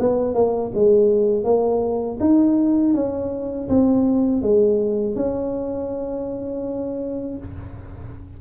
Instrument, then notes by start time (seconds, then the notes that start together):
tuba
0.00 B3
0.35 A#3
0.74 G#3
1.44 A#3
2.20 D#4
2.95 C#4
3.69 C4
4.42 G#3
5.16 C#4